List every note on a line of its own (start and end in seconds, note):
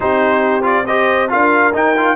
0.00 1.32 C4
0.00 0.62 D#4
0.00 0.85 G4
0.00 0.65 C5
0.62 0.83 F4
0.62 0.85 D5
0.85 1.29 G4
0.85 1.29 C5
0.85 1.29 D#5
1.29 1.74 D4
1.29 1.72 F4
1.29 2.16 A#4
1.29 1.74 F5
1.73 1.95 D#4
1.73 2.16 D#4
1.73 2.16 G5
1.96 2.16 F4